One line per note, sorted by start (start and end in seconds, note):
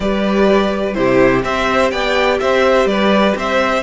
0.00 0.96 G3
0.00 0.94 G4
0.00 0.96 B4
0.00 0.94 D5
0.94 1.44 C3
0.94 1.42 E4
0.94 1.44 G4
0.94 1.42 C5
1.43 1.92 C4
1.43 3.83 G4
1.43 1.91 C5
1.43 1.90 E5
1.90 2.40 B3
1.90 2.39 D5
1.90 2.38 G5
2.40 2.85 C4
2.40 2.89 C5
2.40 2.87 E5
2.85 3.33 G3
2.85 3.37 B4
2.85 3.35 D5
3.35 3.83 C4
3.35 3.83 C5
3.35 3.83 E5